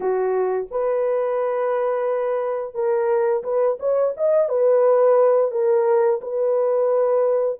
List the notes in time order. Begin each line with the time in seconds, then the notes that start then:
0.00 F#4
0.70 B4
2.74 A#4
3.43 B4
3.79 C#5
4.16 D#5
4.48 B4
5.51 A#4
6.21 B4